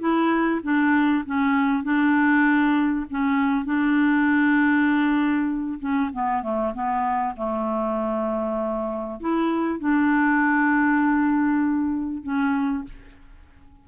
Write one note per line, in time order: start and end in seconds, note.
0.00 0.61 E4
0.63 1.25 D4
1.27 1.84 C#4
1.84 3.06 D4
3.11 3.66 C#4
3.66 5.80 D4
5.80 6.11 C#4
6.14 6.43 B3
6.43 6.74 A3
6.74 7.36 B3
7.37 9.20 A3
9.21 9.80 E4
9.80 12.23 D4
12.23 12.85 C#4